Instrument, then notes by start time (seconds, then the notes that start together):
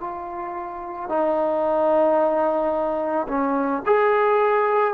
trombone
0.00 F4
1.09 D#4
3.28 C#4
3.86 G#4